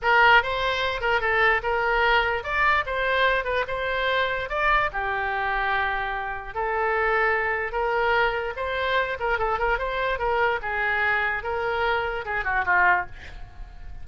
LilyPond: \new Staff \with { instrumentName = "oboe" } { \time 4/4 \tempo 4 = 147 ais'4 c''4. ais'8 a'4 | ais'2 d''4 c''4~ | c''8 b'8 c''2 d''4 | g'1 |
a'2. ais'4~ | ais'4 c''4. ais'8 a'8 ais'8 | c''4 ais'4 gis'2 | ais'2 gis'8 fis'8 f'4 | }